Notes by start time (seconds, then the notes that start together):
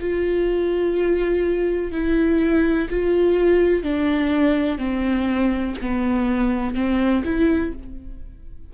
0.00 F4
1.91 E4
2.90 F4
3.83 D4
4.78 C4
5.81 B3
6.75 C4
7.24 E4